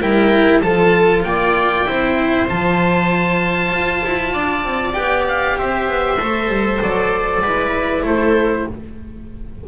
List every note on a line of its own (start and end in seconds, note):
0.00 0.62 G3
0.00 0.62 E4
0.00 0.62 A#4
0.00 0.61 G5
0.61 1.23 F3
0.61 1.85 F4
0.61 1.24 A4
0.61 1.23 A5
1.23 1.86 A#3
1.23 1.88 D5
1.23 2.47 G5
1.85 2.49 C4
1.85 2.47 E4
1.85 4.33 C5
2.48 3.71 F3
2.48 4.93 F4
2.48 4.93 A5
3.71 4.02 F4
4.04 4.34 E4
4.33 4.64 D4
4.33 5.56 D5
4.64 4.95 C4
4.93 5.58 B3
4.93 6.17 G4
4.93 5.24 G5
5.28 5.58 F5
5.58 5.87 C4
5.58 7.42 C5
5.58 6.81 E5
5.87 6.18 B3
6.19 6.48 A3
6.19 7.43 A4
6.48 6.79 G3
6.81 7.41 F#3
6.81 8.05 D5
7.41 8.02 G#3
7.41 8.68 E4
7.41 8.04 B4
8.03 8.65 A3
8.03 8.66 A4
8.03 8.67 C5